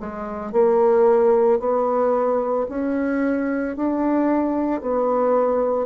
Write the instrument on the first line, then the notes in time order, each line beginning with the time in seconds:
bassoon
0.00 G#3
0.53 A#3
1.60 B3
2.69 C#4
3.77 D4
4.82 B3